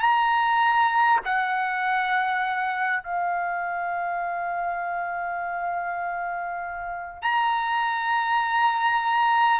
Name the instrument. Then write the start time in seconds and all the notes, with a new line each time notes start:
trumpet
0.00 A#5
1.25 F#5
3.03 F5
7.22 A#5